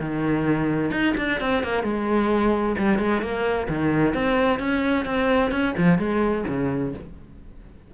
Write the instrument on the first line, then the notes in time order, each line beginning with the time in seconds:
cello
0.00 D#3
0.91 D#4
1.17 D4
1.40 C4
1.63 A#3
1.83 G#3
2.78 G3
2.99 G#3
3.22 A#3
3.69 D#3
4.14 C4
4.59 C#4
5.05 C4
5.51 C#4
5.77 F3
5.99 G#3
6.48 C#3